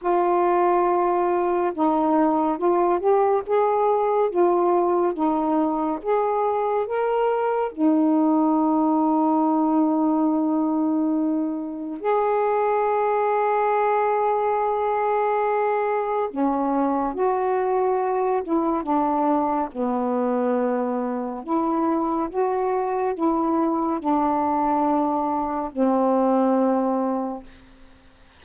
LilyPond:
\new Staff \with { instrumentName = "saxophone" } { \time 4/4 \tempo 4 = 70 f'2 dis'4 f'8 g'8 | gis'4 f'4 dis'4 gis'4 | ais'4 dis'2.~ | dis'2 gis'2~ |
gis'2. cis'4 | fis'4. e'8 d'4 b4~ | b4 e'4 fis'4 e'4 | d'2 c'2 | }